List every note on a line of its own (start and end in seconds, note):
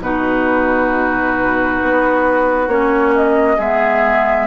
0.00 1.79 B2
0.00 2.69 D#4
0.00 3.57 F#4
0.00 2.69 B4
1.83 2.68 B3
2.68 3.57 A#3
2.68 3.59 C#4
2.68 3.14 C#5
3.15 3.60 D#5
3.57 4.48 G#3
3.57 4.48 B3
3.57 4.46 G#4
3.57 4.48 E5